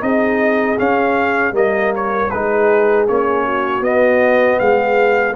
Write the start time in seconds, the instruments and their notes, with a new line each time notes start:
0.00 tuba C4, trombone D#4, horn G#4, trumpet D#5
0.79 trombone C#4, tuba C#4, trumpet F5
1.52 tuba G3, trombone A#3, horn A#4, trumpet D#5
1.95 trumpet C#5
2.30 tuba G#3, trombone D#4, horn G#4, trumpet B4
3.08 tuba A#3, trombone C#4, trumpet C#5
3.45 horn F#4
3.81 tuba B3, trombone B3, trumpet D#5
4.59 tuba G#3, horn G#4, trumpet F5